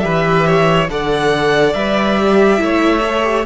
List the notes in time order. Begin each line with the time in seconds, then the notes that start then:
0.00 E3 G4 B4 E5
0.47 C#5
0.89 D3 A4 D5 F#5
1.74 G3 B4 E5
2.18 G4
2.58 A3 E4 C#5
3.07 A4
3.23 G4